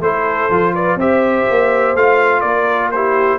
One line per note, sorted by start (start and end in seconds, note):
0.00 0.48 A3
0.00 0.50 E4
0.00 0.74 A4
0.00 0.74 C5
0.49 0.96 F3
0.49 0.99 F4
0.74 0.98 B4
0.74 0.99 D5
0.96 1.44 C4
0.96 1.96 G4
0.96 2.43 C5
0.96 1.96 E5
1.49 1.95 A#3
1.95 2.43 A3
1.95 2.94 F4
1.95 2.41 F5
2.41 3.39 A#3
2.41 2.93 A#4
2.41 2.89 D5
2.91 3.39 E4
2.91 3.39 G4
2.91 3.39 C5